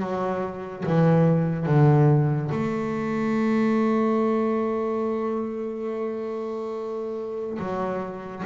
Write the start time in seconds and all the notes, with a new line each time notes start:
0.00 F#3
0.86 E3
1.66 D3
2.52 A3
7.59 F#3